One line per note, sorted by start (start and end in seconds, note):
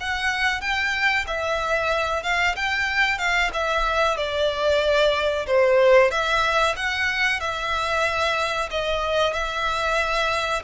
0.00 0.61 F#5
0.61 1.25 G5
1.27 2.23 E5
2.23 2.55 F5
2.55 3.18 G5
3.18 3.50 F5
3.53 4.17 E5
4.17 5.46 D5
5.47 6.11 C5
6.11 6.75 E5
6.76 7.40 F#5
7.40 8.69 E5
8.70 9.33 D#5
9.33 10.62 E5